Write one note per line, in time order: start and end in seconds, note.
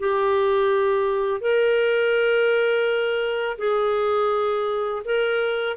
0.00 1.41 G4
1.41 3.58 A#4
3.58 5.03 G#4
5.05 5.77 A#4